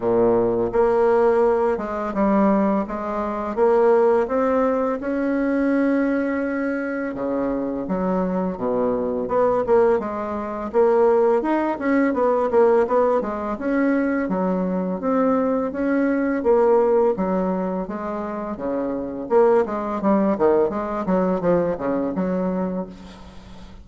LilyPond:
\new Staff \with { instrumentName = "bassoon" } { \time 4/4 \tempo 4 = 84 ais,4 ais4. gis8 g4 | gis4 ais4 c'4 cis'4~ | cis'2 cis4 fis4 | b,4 b8 ais8 gis4 ais4 |
dis'8 cis'8 b8 ais8 b8 gis8 cis'4 | fis4 c'4 cis'4 ais4 | fis4 gis4 cis4 ais8 gis8 | g8 dis8 gis8 fis8 f8 cis8 fis4 | }